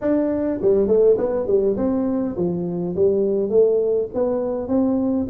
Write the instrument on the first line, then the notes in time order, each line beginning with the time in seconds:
tuba
0.01 D4
0.61 G3
0.87 A3
1.17 B3
1.47 G3
1.76 C4
2.36 F3
2.95 G3
3.49 A3
4.14 B3
4.68 C4